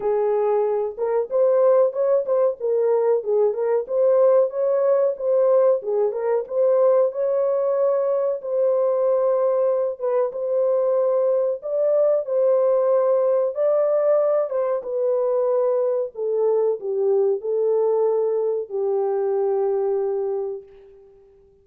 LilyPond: \new Staff \with { instrumentName = "horn" } { \time 4/4 \tempo 4 = 93 gis'4. ais'8 c''4 cis''8 c''8 | ais'4 gis'8 ais'8 c''4 cis''4 | c''4 gis'8 ais'8 c''4 cis''4~ | cis''4 c''2~ c''8 b'8 |
c''2 d''4 c''4~ | c''4 d''4. c''8 b'4~ | b'4 a'4 g'4 a'4~ | a'4 g'2. | }